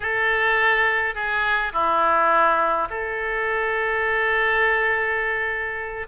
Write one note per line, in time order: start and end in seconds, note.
0.00 1.14 A4
1.14 1.72 G#4
1.73 2.88 E4
2.90 6.07 A4